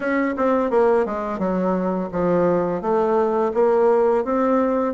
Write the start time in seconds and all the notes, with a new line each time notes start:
0.00 C#4
0.36 C4
0.70 A#3
1.05 G#3
1.38 F#3
2.12 F3
2.81 A3
3.54 A#3
4.24 C4